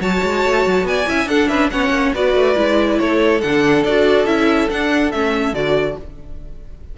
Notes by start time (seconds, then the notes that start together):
0.00 F#3 F#4 C#5 A5
0.24 G#3
0.45 A3
0.67 F#3
0.83 B3 D5 G#5
1.06 C#4 E4 E5
1.26 D4 A4 F#5
1.48 C#4 B4 E5
1.71 B3 C#4 C#5 F#5
1.90 A#3
2.15 B3 F#4 B4 D5
2.34 A3
2.56 G#3 E4
2.99 A3 A4 C#5
3.41 D3 D4 F#5
3.84 D4 F#4 D5
4.26 C#4 E4 E5
4.70 D4 F#5
5.12 A3 C#4 E5
5.53 D3 F#4 D5